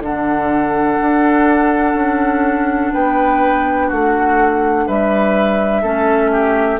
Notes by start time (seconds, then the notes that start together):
0.00 D3 D4 A4 F#5
1.01 D4
1.94 C#4
2.93 B3 B4 G5
3.87 A3 F#4 F#5
4.87 G3 B4 E5
5.82 A3 C#4 A4
6.32 G4